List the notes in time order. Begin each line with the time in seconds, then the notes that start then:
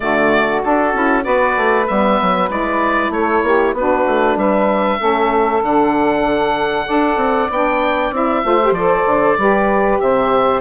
0.00 D3 A3 F#4 D5
0.63 D4 A4
0.93 C#4 E4
1.21 B3 F#4 B4 D5
1.56 A3
1.87 G3 B3 E5
2.21 F#3
2.49 G#3 E4 D5
3.09 A3 C#5
3.17 A4
3.43 A#3 G4
3.72 B3 D4 F#4 B4
4.06 A3
4.36 G3 B4 E5
4.99 A3 C#4 A4
5.62 D3 D4 F#5
6.86 D4 A4 D5
7.16 C4
7.50 B3 D4 G5
8.11 C4 E4 E5
8.44 A3 F4 C5
8.62 G4
8.70 F3 A4 D5
9.06 D3
9.37 G3 G4 B4
10.00 C3 C5 E5